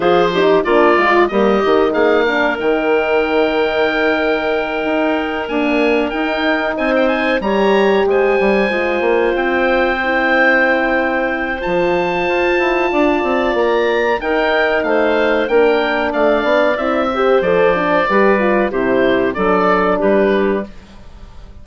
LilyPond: <<
  \new Staff \with { instrumentName = "oboe" } { \time 4/4 \tempo 4 = 93 c''4 d''4 dis''4 f''4 | g''1~ | g''8 gis''4 g''4 gis''16 g''16 gis''8 ais''8~ | ais''8 gis''2 g''4.~ |
g''2 a''2~ | a''4 ais''4 g''4 f''4 | g''4 f''4 e''4 d''4~ | d''4 c''4 d''4 b'4 | }
  \new Staff \with { instrumentName = "clarinet" } { \time 4/4 gis'8 g'8 f'4 g'4 gis'8 ais'8~ | ais'1~ | ais'2~ ais'8 c''4 cis''8~ | cis''8 c''2.~ c''8~ |
c''1 | d''2 ais'4 c''4 | ais'4 d''4. c''4. | b'4 g'4 a'4 g'4 | }
  \new Staff \with { instrumentName = "horn" } { \time 4/4 f'8 dis'8 d'8 f'8 ais8 dis'4 d'8 | dis'1~ | dis'8 ais4 dis'2 g'8~ | g'4. f'2 e'8~ |
e'2 f'2~ | f'2 dis'2 | d'2 e'8 g'8 a'8 d'8 | g'8 f'8 e'4 d'2 | }
  \new Staff \with { instrumentName = "bassoon" } { \time 4/4 f4 ais8 gis8 g8 dis8 ais4 | dis2.~ dis8 dis'8~ | dis'8 d'4 dis'4 c'4 g8~ | g8 gis8 g8 gis8 ais8 c'4.~ |
c'2 f4 f'8 e'8 | d'8 c'8 ais4 dis'4 a4 | ais4 a8 b8 c'4 f4 | g4 c4 fis4 g4 | }
>>